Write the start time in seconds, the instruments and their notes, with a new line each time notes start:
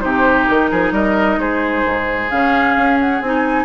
0.00 bassoon C3, clarinet D#4, oboe G4, flute C5
0.47 bassoon D#3, flute A#4
0.71 bassoon F3, oboe G#4
0.92 bassoon G3, oboe A#4, flute D#5
1.37 bassoon G#3, oboe G#4, flute C5
1.86 bassoon G#2
2.30 bassoon C#3, clarinet C#4, flute F5
2.76 bassoon C#4
3.00 flute F#5
3.21 bassoon C4, clarinet D#4, flute G#5